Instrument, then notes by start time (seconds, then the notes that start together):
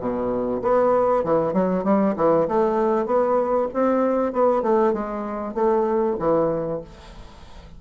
bassoon
0.00 B2
0.62 B3
1.24 E3
1.53 F#3
1.84 G3
2.16 E3
2.48 A3
3.06 B3
3.74 C4
4.33 B3
4.63 A3
4.93 G#3
5.54 A3
6.19 E3